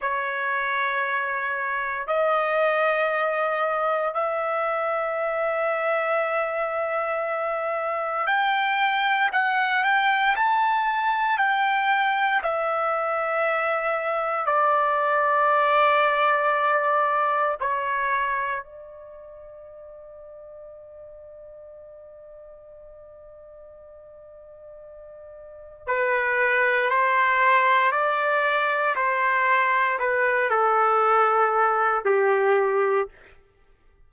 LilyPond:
\new Staff \with { instrumentName = "trumpet" } { \time 4/4 \tempo 4 = 58 cis''2 dis''2 | e''1 | g''4 fis''8 g''8 a''4 g''4 | e''2 d''2~ |
d''4 cis''4 d''2~ | d''1~ | d''4 b'4 c''4 d''4 | c''4 b'8 a'4. g'4 | }